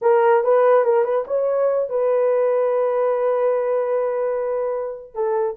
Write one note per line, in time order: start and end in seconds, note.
0.01 0.43 A#4
0.43 0.84 B4
0.84 1.04 A#4
1.04 1.25 B4
1.27 1.89 C#5
1.89 5.14 B4
5.14 5.56 A4